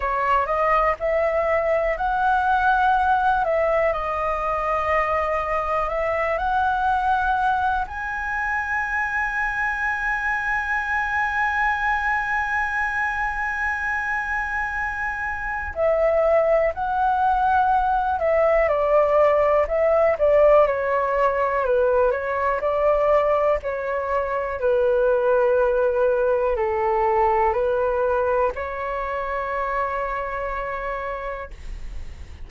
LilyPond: \new Staff \with { instrumentName = "flute" } { \time 4/4 \tempo 4 = 61 cis''8 dis''8 e''4 fis''4. e''8 | dis''2 e''8 fis''4. | gis''1~ | gis''1 |
e''4 fis''4. e''8 d''4 | e''8 d''8 cis''4 b'8 cis''8 d''4 | cis''4 b'2 a'4 | b'4 cis''2. | }